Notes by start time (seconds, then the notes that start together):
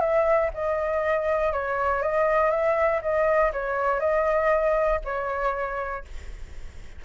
0.00 E5
0.54 D#5
1.52 C#5
2.02 D#5
2.50 E5
3.01 D#5
3.52 C#5
4.00 D#5
5.04 C#5